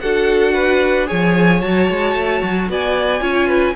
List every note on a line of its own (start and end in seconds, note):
0.00 1.10 D4
0.00 1.06 F#4
0.00 0.54 A4
0.00 1.07 F#5
0.54 1.07 B4
1.06 1.62 F3
1.06 1.59 G#4
1.06 2.68 C#5
1.06 1.61 G#5
1.61 1.89 F#3
1.61 3.20 F#4
1.61 2.68 A5
1.89 2.14 G#3
2.14 2.41 A3
2.43 2.69 F#3
2.69 3.21 B3
2.69 3.22 D5
2.69 3.75 G#5
3.20 3.74 C#4
3.20 3.74 F4
3.20 3.47 C#5
3.47 3.74 B4